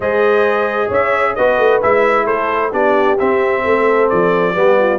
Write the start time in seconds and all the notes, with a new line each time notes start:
0.00 G#3 G#4 C5 D#5
0.88 C#4 C#5 E5
1.35 B3 F#4 B4 D#5
1.58 A3
1.82 G#3 E4 E5
2.24 A3 A4 C5
2.71 B3 D4 G4 D5
3.18 C4 E5
3.64 A3 A4
4.09 F3 D5
4.54 G3 B3 G4
4.78 F4